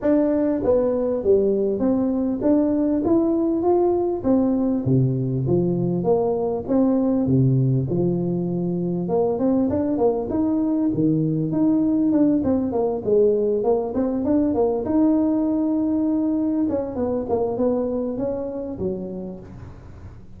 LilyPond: \new Staff \with { instrumentName = "tuba" } { \time 4/4 \tempo 4 = 99 d'4 b4 g4 c'4 | d'4 e'4 f'4 c'4 | c4 f4 ais4 c'4 | c4 f2 ais8 c'8 |
d'8 ais8 dis'4 dis4 dis'4 | d'8 c'8 ais8 gis4 ais8 c'8 d'8 | ais8 dis'2. cis'8 | b8 ais8 b4 cis'4 fis4 | }